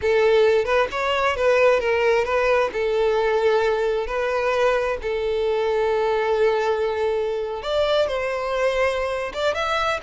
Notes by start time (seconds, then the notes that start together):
0.01 A4
0.64 B4
0.91 C#5
1.36 B4
1.80 A#4
2.24 B4
2.72 A4
4.06 B4
5.01 A4
7.62 D5
8.07 C5
9.33 D5
9.54 E5